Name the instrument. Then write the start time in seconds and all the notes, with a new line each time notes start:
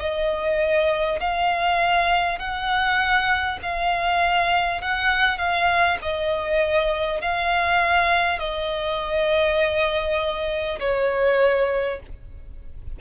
violin
0.00 D#5
1.21 F5
2.39 F#5
3.63 F5
4.82 F#5
5.38 F5
6.02 D#5
7.21 F5
8.39 D#5
10.79 C#5